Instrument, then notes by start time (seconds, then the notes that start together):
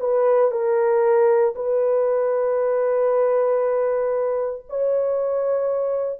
horn
0.00 B4
0.51 A#4
1.55 B4
4.69 C#5